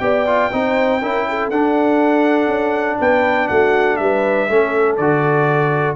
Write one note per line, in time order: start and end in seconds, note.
0.00 0.51 B3
0.00 0.26 G4
0.00 0.52 D5
0.00 1.49 G5
0.27 0.52 F4
0.52 1.02 C4
0.52 1.01 D#4
0.52 1.02 C5
1.02 1.51 C#4
1.02 1.52 E4
1.02 1.27 A#4
1.29 2.99 A4
1.50 2.47 D4
1.50 4.50 D4
1.50 2.99 F#5
2.47 2.97 C#4
2.99 3.50 B3
2.99 3.49 B4
2.99 3.48 G5
3.48 4.00 A3
3.48 3.98 F#4
3.48 3.96 F#5
3.96 4.49 G3
3.96 4.50 B4
3.96 4.96 E5
4.49 4.98 A3
4.49 4.99 C#4
4.49 5.97 A4
4.97 5.97 D3
4.97 5.97 F#4
4.97 5.96 D5